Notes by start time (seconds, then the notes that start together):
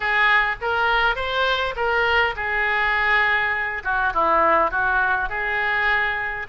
0.00 G#4
0.61 A#4
1.15 C5
1.75 A#4
2.36 G#4
3.84 F#4
4.13 E4
4.70 F#4
5.29 G#4